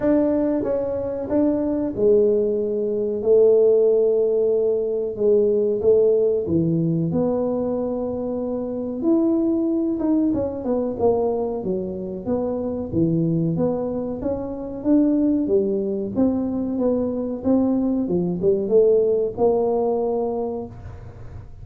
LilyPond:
\new Staff \with { instrumentName = "tuba" } { \time 4/4 \tempo 4 = 93 d'4 cis'4 d'4 gis4~ | gis4 a2. | gis4 a4 e4 b4~ | b2 e'4. dis'8 |
cis'8 b8 ais4 fis4 b4 | e4 b4 cis'4 d'4 | g4 c'4 b4 c'4 | f8 g8 a4 ais2 | }